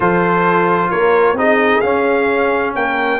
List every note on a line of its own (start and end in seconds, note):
0.00 0.90 F3
0.00 1.36 F4
0.00 0.90 A4
0.00 0.90 C5
0.90 1.33 A#3
0.90 1.36 A#4
0.90 1.36 C#5
1.33 1.78 C4
1.33 1.82 D#4
1.33 2.75 G#4
1.33 1.80 D#5
1.80 2.75 C#4
1.80 3.20 C#4
1.80 2.72 F5
2.75 3.20 A#3
2.75 3.20 A#4
2.75 3.20 G5